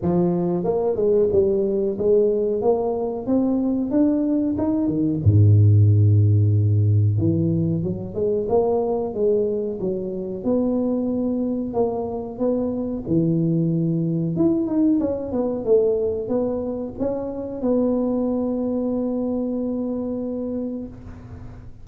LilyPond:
\new Staff \with { instrumentName = "tuba" } { \time 4/4 \tempo 4 = 92 f4 ais8 gis8 g4 gis4 | ais4 c'4 d'4 dis'8 dis8 | gis,2. e4 | fis8 gis8 ais4 gis4 fis4 |
b2 ais4 b4 | e2 e'8 dis'8 cis'8 b8 | a4 b4 cis'4 b4~ | b1 | }